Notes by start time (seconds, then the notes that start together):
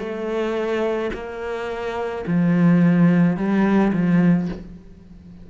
0.00 A3
1.14 A#3
2.27 F3
3.37 G3
3.93 F3